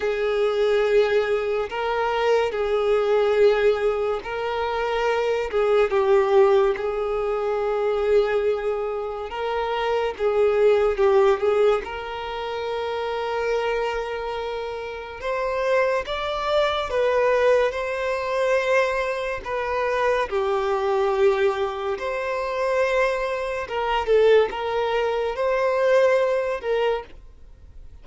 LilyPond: \new Staff \with { instrumentName = "violin" } { \time 4/4 \tempo 4 = 71 gis'2 ais'4 gis'4~ | gis'4 ais'4. gis'8 g'4 | gis'2. ais'4 | gis'4 g'8 gis'8 ais'2~ |
ais'2 c''4 d''4 | b'4 c''2 b'4 | g'2 c''2 | ais'8 a'8 ais'4 c''4. ais'8 | }